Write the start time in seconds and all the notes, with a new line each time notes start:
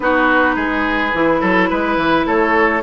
0.00 B3 D#4 F#4 B4
0.55 G#3 G#4
1.14 E3 E4
1.40 F#3 A4
1.69 G#3 B4
1.97 E3
2.26 A3 A4 C#5